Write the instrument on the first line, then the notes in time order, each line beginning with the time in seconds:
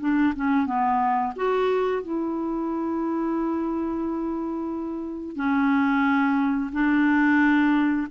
clarinet
0.00 D4
0.36 C#4
0.66 B3
1.36 F#4
2.02 E4
5.36 C#4
6.72 D4